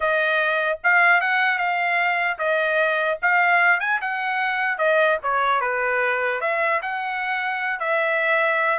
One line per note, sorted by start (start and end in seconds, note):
0.00 0.79 D#5
0.83 1.20 F5
1.20 1.58 F#5
1.58 2.38 F5
2.38 3.18 D#5
3.21 3.80 F5
3.80 4.00 G#5
4.01 4.77 F#5
4.77 5.17 D#5
5.22 5.61 C#5
5.61 6.40 B4
6.40 6.80 E5
6.81 7.79 F#5
7.79 8.79 E5